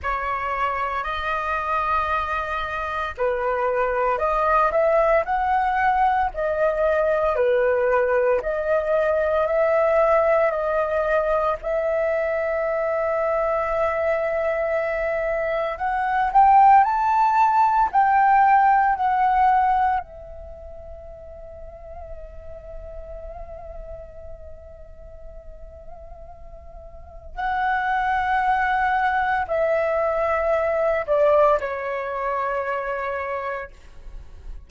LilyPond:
\new Staff \with { instrumentName = "flute" } { \time 4/4 \tempo 4 = 57 cis''4 dis''2 b'4 | dis''8 e''8 fis''4 dis''4 b'4 | dis''4 e''4 dis''4 e''4~ | e''2. fis''8 g''8 |
a''4 g''4 fis''4 e''4~ | e''1~ | e''2 fis''2 | e''4. d''8 cis''2 | }